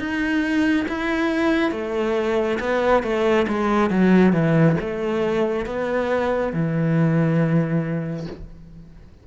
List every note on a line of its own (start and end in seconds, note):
0.00 0.87 D#4
0.89 1.72 E4
1.72 2.59 A3
2.60 3.03 B3
3.03 3.47 A3
3.48 3.91 G#3
3.91 4.33 F#3
4.33 4.77 E3
4.81 5.66 A3
5.66 6.53 B3
6.53 8.27 E3